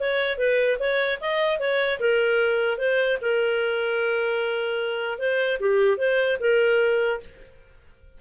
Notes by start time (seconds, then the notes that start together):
0.00 C#5
0.38 B4
0.80 C#5
1.21 D#5
1.60 C#5
2.00 A#4
2.78 C5
3.22 A#4
5.19 C5
5.60 G4
5.97 C5
6.41 A#4